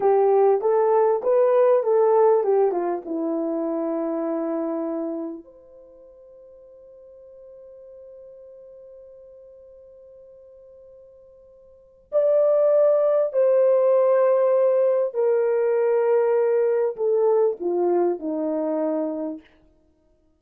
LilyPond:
\new Staff \with { instrumentName = "horn" } { \time 4/4 \tempo 4 = 99 g'4 a'4 b'4 a'4 | g'8 f'8 e'2.~ | e'4 c''2.~ | c''1~ |
c''1 | d''2 c''2~ | c''4 ais'2. | a'4 f'4 dis'2 | }